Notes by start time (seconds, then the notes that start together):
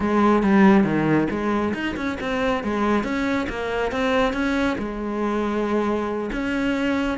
0.00 G#3
0.42 G3
0.84 D#3
1.30 G#3
1.74 D#4
1.96 C#4
2.20 C4
2.63 G#3
3.03 C#4
3.49 A#3
3.91 C4
4.33 C#4
4.78 G#3
6.32 C#4